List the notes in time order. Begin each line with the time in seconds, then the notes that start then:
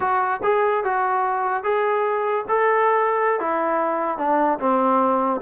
0.00 F#4
0.43 G#4
0.83 F#4
1.63 G#4
2.48 A4
3.40 E4
4.17 D4
4.59 C4